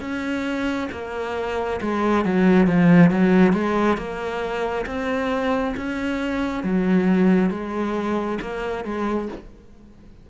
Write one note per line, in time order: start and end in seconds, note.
0.00 0.88 C#4
0.92 1.80 A#3
1.81 2.25 G#3
2.25 2.67 F#3
2.67 3.11 F3
3.11 3.53 F#3
3.53 3.97 G#3
3.97 4.86 A#3
4.86 5.74 C4
5.77 6.63 C#4
6.63 7.50 F#3
7.50 8.39 G#3
8.41 8.85 A#3
8.85 9.29 G#3